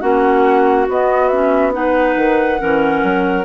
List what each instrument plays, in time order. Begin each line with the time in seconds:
0.00 bassoon A#3, clarinet C#4 F#4, flute F#5
0.88 bassoon B3, clarinet B3, flute D#5
1.28 clarinet C#4, flute E5
1.72 clarinet D#4 B4, flute F#5
2.16 bassoon D#3
2.59 bassoon E3, clarinet C#4 A#4
3.03 bassoon F#3